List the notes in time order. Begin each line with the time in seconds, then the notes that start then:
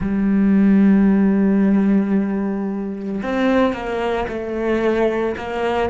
0.00 G3
3.22 C4
3.73 A#3
4.28 A3
5.37 A#3